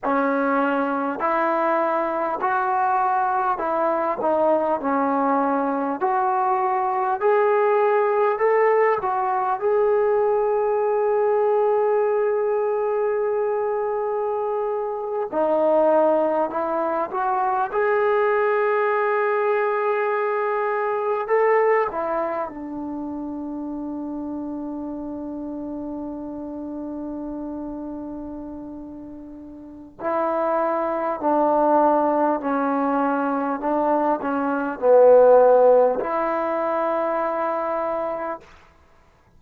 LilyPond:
\new Staff \with { instrumentName = "trombone" } { \time 4/4 \tempo 4 = 50 cis'4 e'4 fis'4 e'8 dis'8 | cis'4 fis'4 gis'4 a'8 fis'8 | gis'1~ | gis'8. dis'4 e'8 fis'8 gis'4~ gis'16~ |
gis'4.~ gis'16 a'8 e'8 d'4~ d'16~ | d'1~ | d'4 e'4 d'4 cis'4 | d'8 cis'8 b4 e'2 | }